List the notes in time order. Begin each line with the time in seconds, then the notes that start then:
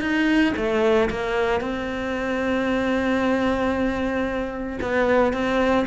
0.00 D#4
0.56 A3
1.10 A#3
1.60 C4
4.81 B3
5.32 C4